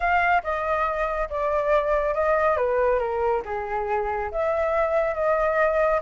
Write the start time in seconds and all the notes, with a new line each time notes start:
0.00 F5
0.43 D#5
1.29 D5
2.14 D#5
2.56 B4
2.99 A#4
3.45 G#4
4.31 E5
5.14 D#5